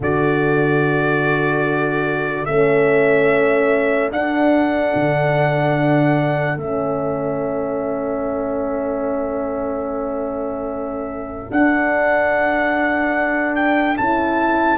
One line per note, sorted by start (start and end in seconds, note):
0.00 2.47 D3
0.00 2.48 F#4
0.00 14.77 A4
0.00 2.45 D5
2.45 4.11 A3
2.45 4.12 C#4
2.45 4.09 E5
4.11 4.93 D4
4.11 6.59 D4
4.11 6.58 F#5
4.95 6.56 D3
6.56 11.49 A3
6.56 11.51 C#4
6.56 11.51 E5
11.51 13.97 D4
11.51 13.55 F#5
13.55 13.96 G5
13.97 14.77 C#4
13.97 14.77 E4
13.97 14.77 A5